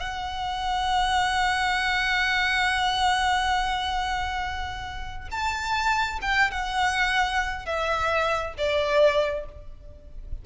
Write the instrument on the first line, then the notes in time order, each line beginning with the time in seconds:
violin
0.00 F#5
5.32 A5
6.22 G5
6.51 F#5
7.66 E5
8.58 D5